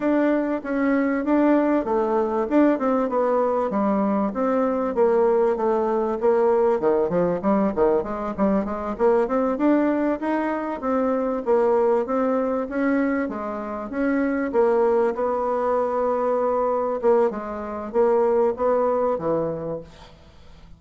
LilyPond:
\new Staff \with { instrumentName = "bassoon" } { \time 4/4 \tempo 4 = 97 d'4 cis'4 d'4 a4 | d'8 c'8 b4 g4 c'4 | ais4 a4 ais4 dis8 f8 | g8 dis8 gis8 g8 gis8 ais8 c'8 d'8~ |
d'8 dis'4 c'4 ais4 c'8~ | c'8 cis'4 gis4 cis'4 ais8~ | ais8 b2. ais8 | gis4 ais4 b4 e4 | }